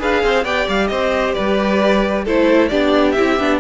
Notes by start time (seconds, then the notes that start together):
0.00 D4 G#4 B4 F5
0.23 C4 C5
0.44 B3 G4 D5 G5
0.68 G3 F5
0.88 C4 C5 D#5
1.34 G3 B4 D5
2.24 A3 E4 A4 C5
2.69 B3 D4 G4 D5
3.12 E4 E5
3.19 C4
3.40 B3 D4